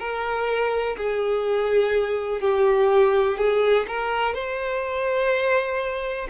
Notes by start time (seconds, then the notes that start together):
0.00 A#4
0.97 G#4
2.41 G4
3.38 G#4
3.88 A#4
4.35 C5